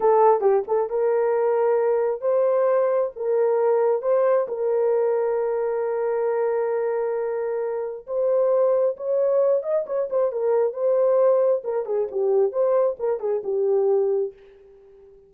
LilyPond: \new Staff \with { instrumentName = "horn" } { \time 4/4 \tempo 4 = 134 a'4 g'8 a'8 ais'2~ | ais'4 c''2 ais'4~ | ais'4 c''4 ais'2~ | ais'1~ |
ais'2 c''2 | cis''4. dis''8 cis''8 c''8 ais'4 | c''2 ais'8 gis'8 g'4 | c''4 ais'8 gis'8 g'2 | }